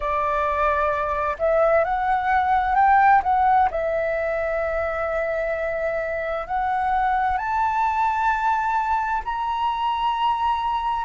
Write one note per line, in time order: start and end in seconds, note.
0.00 1.36 D5
1.38 1.84 E5
1.84 2.75 F#5
2.75 3.21 G5
3.23 3.69 F#5
3.70 6.47 E5
6.47 7.37 F#5
7.37 9.22 A5
9.24 11.04 A#5